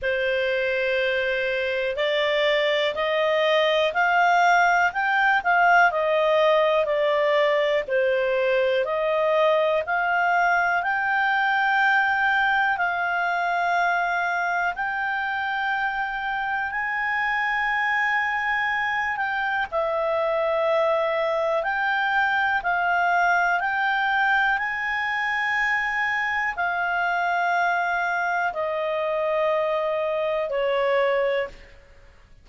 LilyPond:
\new Staff \with { instrumentName = "clarinet" } { \time 4/4 \tempo 4 = 61 c''2 d''4 dis''4 | f''4 g''8 f''8 dis''4 d''4 | c''4 dis''4 f''4 g''4~ | g''4 f''2 g''4~ |
g''4 gis''2~ gis''8 g''8 | e''2 g''4 f''4 | g''4 gis''2 f''4~ | f''4 dis''2 cis''4 | }